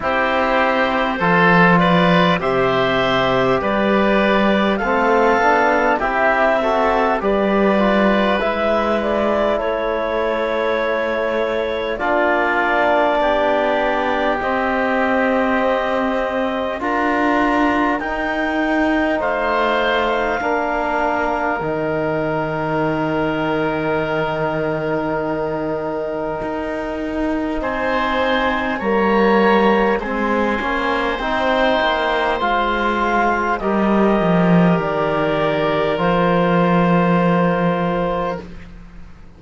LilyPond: <<
  \new Staff \with { instrumentName = "clarinet" } { \time 4/4 \tempo 4 = 50 c''4. d''8 e''4 d''4 | f''4 e''4 d''4 e''8 d''8 | cis''2 d''2 | dis''2 ais''4 g''4 |
f''2 g''2~ | g''2. gis''4 | ais''4 gis''4 g''4 f''4 | dis''4 d''4 c''2 | }
  \new Staff \with { instrumentName = "oboe" } { \time 4/4 g'4 a'8 b'8 c''4 b'4 | a'4 g'8 a'8 b'2 | a'2 f'4 g'4~ | g'2 ais'2 |
c''4 ais'2.~ | ais'2. c''4 | cis''4 c''2. | ais'1 | }
  \new Staff \with { instrumentName = "trombone" } { \time 4/4 e'4 f'4 g'2 | c'8 d'8 e'8 fis'8 g'8 f'8 e'4~ | e'2 d'2 | c'2 f'4 dis'4~ |
dis'4 d'4 dis'2~ | dis'1 | ais4 c'8 cis'8 dis'4 f'4 | g'2 f'2 | }
  \new Staff \with { instrumentName = "cello" } { \time 4/4 c'4 f4 c4 g4 | a8 b8 c'4 g4 gis4 | a2 ais4 b4 | c'2 d'4 dis'4 |
a4 ais4 dis2~ | dis2 dis'4 c'4 | g4 gis8 ais8 c'8 ais8 gis4 | g8 f8 dis4 f2 | }
>>